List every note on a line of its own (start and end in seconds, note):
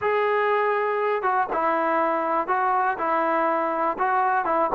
0.01 1.22 G#4
1.22 1.47 F#4
1.52 2.47 E4
2.47 2.97 F#4
2.98 3.97 E4
3.98 4.45 F#4
4.45 4.69 E4